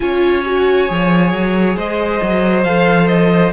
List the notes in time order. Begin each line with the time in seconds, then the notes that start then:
0.00 C#4 F4 C#5 G#5
0.45 F#4
0.87 F3 G#4
1.32 F#3
1.76 G#3 C5 D#5
2.22 F#3
2.63 F3 A4 F5
3.07 D#5